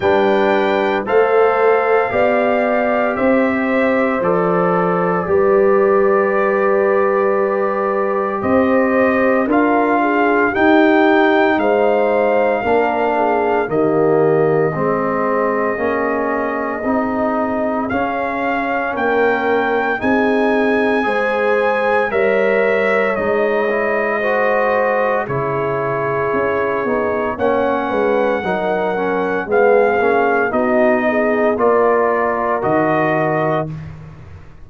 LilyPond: <<
  \new Staff \with { instrumentName = "trumpet" } { \time 4/4 \tempo 4 = 57 g''4 f''2 e''4 | d''1 | dis''4 f''4 g''4 f''4~ | f''4 dis''2.~ |
dis''4 f''4 g''4 gis''4~ | gis''4 e''4 dis''2 | cis''2 fis''2 | f''4 dis''4 d''4 dis''4 | }
  \new Staff \with { instrumentName = "horn" } { \time 4/4 b'4 c''4 d''4 c''4~ | c''4 b'2. | c''4 ais'8 gis'8 g'4 c''4 | ais'8 gis'8 g'4 gis'2~ |
gis'2 ais'4 gis'4 | c''4 cis''2 c''4 | gis'2 cis''8 b'8 ais'4 | gis'4 fis'8 gis'8 ais'2 | }
  \new Staff \with { instrumentName = "trombone" } { \time 4/4 d'4 a'4 g'2 | a'4 g'2.~ | g'4 f'4 dis'2 | d'4 ais4 c'4 cis'4 |
dis'4 cis'2 dis'4 | gis'4 ais'4 dis'8 e'8 fis'4 | e'4. dis'8 cis'4 dis'8 cis'8 | b8 cis'8 dis'4 f'4 fis'4 | }
  \new Staff \with { instrumentName = "tuba" } { \time 4/4 g4 a4 b4 c'4 | f4 g2. | c'4 d'4 dis'4 gis4 | ais4 dis4 gis4 ais4 |
c'4 cis'4 ais4 c'4 | gis4 g4 gis2 | cis4 cis'8 b8 ais8 gis8 fis4 | gis8 ais8 b4 ais4 dis4 | }
>>